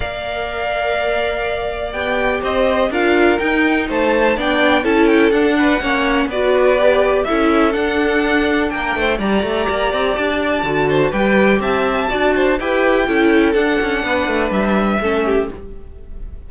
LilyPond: <<
  \new Staff \with { instrumentName = "violin" } { \time 4/4 \tempo 4 = 124 f''1 | g''4 dis''4 f''4 g''4 | a''4 g''4 a''8 g''8 fis''4~ | fis''4 d''2 e''4 |
fis''2 g''4 ais''4~ | ais''4 a''2 g''4 | a''2 g''2 | fis''2 e''2 | }
  \new Staff \with { instrumentName = "violin" } { \time 4/4 d''1~ | d''4 c''4 ais'2 | c''4 d''4 a'4. b'8 | cis''4 b'2 a'4~ |
a'2 ais'8 c''8 d''4~ | d''2~ d''8 c''8 b'4 | e''4 d''8 c''8 b'4 a'4~ | a'4 b'2 a'8 g'8 | }
  \new Staff \with { instrumentName = "viola" } { \time 4/4 ais'1 | g'2 f'4 dis'4~ | dis'4 d'4 e'4 d'4 | cis'4 fis'4 g'4 e'4 |
d'2. g'4~ | g'2 fis'4 g'4~ | g'4 fis'4 g'4 e'4 | d'2. cis'4 | }
  \new Staff \with { instrumentName = "cello" } { \time 4/4 ais1 | b4 c'4 d'4 dis'4 | a4 b4 cis'4 d'4 | ais4 b2 cis'4 |
d'2 ais8 a8 g8 a8 | ais8 c'8 d'4 d4 g4 | c'4 d'4 e'4 cis'4 | d'8 cis'8 b8 a8 g4 a4 | }
>>